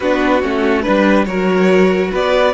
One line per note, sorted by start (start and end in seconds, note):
0.00 0.43 B3
0.00 0.42 D4
0.00 0.82 F#4
0.00 0.42 B4
0.42 0.85 A3
0.42 0.84 C#4
0.42 0.82 F#4
0.82 1.26 G3
0.82 1.26 D4
0.82 1.24 B4
0.82 1.25 B4
1.25 2.11 F#3
1.25 2.54 F#4
1.25 2.10 A#4
1.25 2.10 C#5
2.10 2.54 B3
2.10 2.53 B4
2.10 2.54 D5